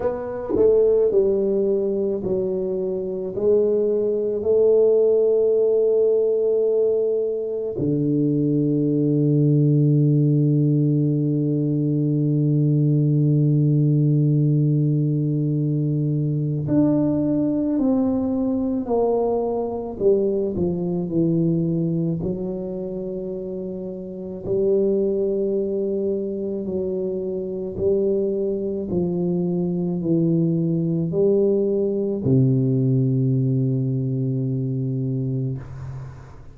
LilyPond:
\new Staff \with { instrumentName = "tuba" } { \time 4/4 \tempo 4 = 54 b8 a8 g4 fis4 gis4 | a2. d4~ | d1~ | d2. d'4 |
c'4 ais4 g8 f8 e4 | fis2 g2 | fis4 g4 f4 e4 | g4 c2. | }